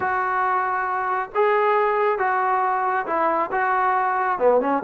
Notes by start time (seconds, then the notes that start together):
0.00 F#4
1.34 G#4
2.18 F#4
3.06 E4
3.51 F#4
4.38 B3
4.61 C#4